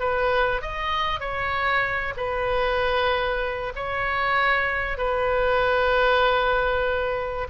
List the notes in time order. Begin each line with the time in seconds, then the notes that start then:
0.00 B4
0.62 D#5
1.20 C#5
2.17 B4
3.76 C#5
4.98 B4